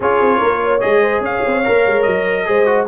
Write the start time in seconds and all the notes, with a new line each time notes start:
0.00 C#4 F4 G#4 C#5
0.20 C4
0.38 A#3 A#4
0.63 C#5
0.80 G#3 G#4 D#5
1.01 C5
1.20 C#4 C#5 F5
1.46 C4
1.64 A#3 A#4
1.86 G#3
2.02 F#3 D#5
2.45 G#3 G#4 C5
2.65 F#4